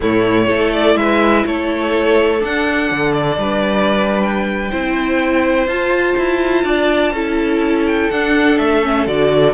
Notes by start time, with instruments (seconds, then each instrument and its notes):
0.00 cello A2, viola A3, violin E4 C#5
0.46 cello A3, viola E4, violin A4
0.72 violin D5
0.95 cello G#3, violin B4 E5
1.45 cello A3, violin A4 C#5
2.39 viola D4, cello D4, violin F#5
2.91 cello D3
3.12 violin D5
3.37 cello G3, violin B4
4.22 violin G5
4.71 cello C4, viola E4, violin C5
5.67 cello F4, viola F4, violin A5
6.17 cello E4
6.64 cello D4, violin D5
7.11 cello C#4, viola E4, violin A4
7.86 violin G5
8.10 cello D4, viola D4, violin F#5
8.58 cello A3, violin E5
8.82 viola C#4
9.06 cello D3, viola F#4, violin D5